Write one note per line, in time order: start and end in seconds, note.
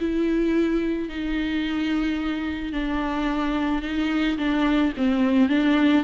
0.00 1.09 E4
1.09 2.73 D#4
2.73 3.83 D4
3.83 4.38 D#4
4.38 4.93 D4
4.97 5.50 C4
5.50 6.05 D4